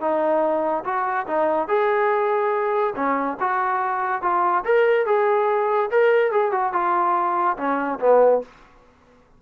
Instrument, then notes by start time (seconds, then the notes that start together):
trombone
0.00 D#4
0.84 F#4
1.27 D#4
1.68 G#4
2.95 C#4
3.40 F#4
4.22 F4
4.65 A#4
5.06 G#4
5.91 A#4
6.31 G#4
6.51 F#4
6.73 F4
7.57 C#4
7.99 B3